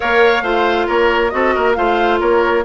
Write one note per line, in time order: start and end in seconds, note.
0.00 0.42 A#3
0.00 0.44 A#4
0.00 0.43 C#5
0.00 0.88 F5
0.42 0.86 A3
0.42 1.31 F4
0.42 0.86 C5
0.86 1.33 A#3
0.86 1.30 A#4
0.86 1.29 C#5
1.29 1.55 C4
1.29 1.75 F#4
1.29 1.54 A4
1.29 1.73 D#5
1.54 1.77 A#3
1.54 1.76 A#4
1.74 2.20 A3
1.74 2.63 F4
1.74 2.20 C5
1.74 2.18 F5
2.20 2.64 A#3
2.20 2.64 A#4
2.20 2.64 C#5